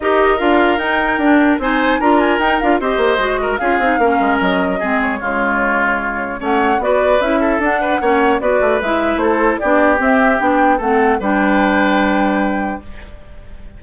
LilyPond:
<<
  \new Staff \with { instrumentName = "flute" } { \time 4/4 \tempo 4 = 150 dis''4 f''4 g''2 | gis''4 ais''8 gis''8 g''8 f''8 dis''4~ | dis''4 f''2 dis''4~ | dis''8 cis''2.~ cis''8 |
fis''4 d''4 e''4 fis''4~ | fis''4 d''4 e''4 c''4 | d''4 e''4 g''4 fis''4 | g''1 | }
  \new Staff \with { instrumentName = "oboe" } { \time 4/4 ais'1 | c''4 ais'2 c''4~ | c''8 ais'8 gis'4 ais'2 | gis'4 f'2. |
cis''4 b'4. a'4 b'8 | cis''4 b'2 a'4 | g'2. a'4 | b'1 | }
  \new Staff \with { instrumentName = "clarinet" } { \time 4/4 g'4 f'4 dis'4 d'4 | dis'4 f'4 dis'8 f'8 g'4 | fis'4 f'8 dis'8 cis'2 | c'4 gis2. |
cis'4 fis'4 e'4 d'4 | cis'4 fis'4 e'2 | d'4 c'4 d'4 c'4 | d'1 | }
  \new Staff \with { instrumentName = "bassoon" } { \time 4/4 dis'4 d'4 dis'4 d'4 | c'4 d'4 dis'8 d'8 c'8 ais8 | gis4 cis'8 c'8 ais8 gis8 fis4 | gis4 cis2. |
a4 b4 cis'4 d'4 | ais4 b8 a8 gis4 a4 | b4 c'4 b4 a4 | g1 | }
>>